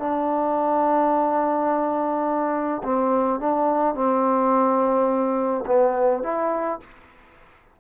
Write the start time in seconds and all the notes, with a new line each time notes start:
0.00 D4
2.84 C4
3.40 D4
3.95 C4
5.67 B3
6.24 E4